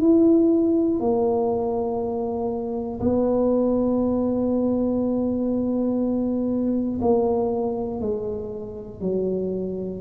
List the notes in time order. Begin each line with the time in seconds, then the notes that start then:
0.00 E4
1.00 A#3
3.00 B3
7.01 A#3
8.00 G#3
9.01 F#3